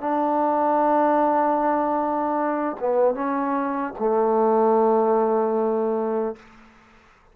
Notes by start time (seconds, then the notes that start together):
0.00 D4
2.80 B3
3.15 C#4
3.99 A3